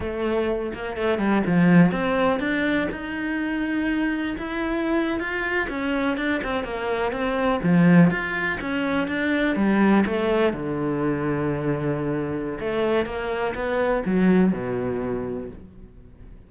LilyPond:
\new Staff \with { instrumentName = "cello" } { \time 4/4 \tempo 4 = 124 a4. ais8 a8 g8 f4 | c'4 d'4 dis'2~ | dis'4 e'4.~ e'16 f'4 cis'16~ | cis'8. d'8 c'8 ais4 c'4 f16~ |
f8. f'4 cis'4 d'4 g16~ | g8. a4 d2~ d16~ | d2 a4 ais4 | b4 fis4 b,2 | }